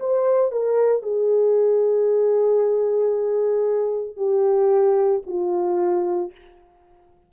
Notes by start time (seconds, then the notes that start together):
0.00 C5
0.52 A#4
1.03 G#4
4.17 G4
5.27 F4